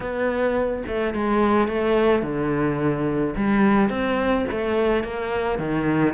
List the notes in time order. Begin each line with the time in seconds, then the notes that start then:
0.00 B3
0.87 A3
1.13 G#3
1.68 A3
2.22 D3
3.36 G3
3.89 C4
4.51 A3
5.03 A#3
5.58 D#3